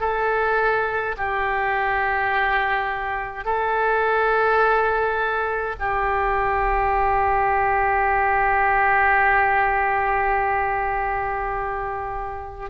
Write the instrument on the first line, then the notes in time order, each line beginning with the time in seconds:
oboe
0.00 A4
1.17 G4
3.45 A4
5.79 G4